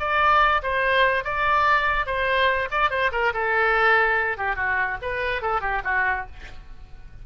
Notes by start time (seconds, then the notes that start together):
0.00 D5
0.63 C5
1.25 D5
2.07 C5
2.71 D5
2.91 C5
3.12 A#4
3.34 A4
4.38 G4
4.56 F#4
5.02 B4
5.42 A4
5.61 G4
5.85 F#4